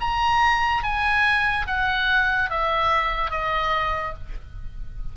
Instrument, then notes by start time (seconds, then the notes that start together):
oboe
0.00 A#5
0.83 G#5
1.67 F#5
2.50 E5
3.30 D#5